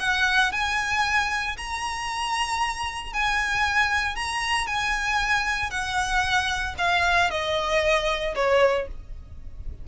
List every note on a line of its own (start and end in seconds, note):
0.00 0.52 F#5
0.52 1.57 G#5
1.57 3.14 A#5
3.14 4.16 G#5
4.16 4.67 A#5
4.67 5.71 G#5
5.71 6.75 F#5
6.78 7.30 F5
7.31 8.35 D#5
8.35 8.88 C#5